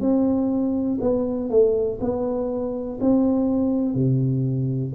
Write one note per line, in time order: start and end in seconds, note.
0.00 0.98 C4
1.01 1.50 B3
1.50 1.99 A3
2.00 2.99 B3
3.00 3.94 C4
3.94 4.93 C3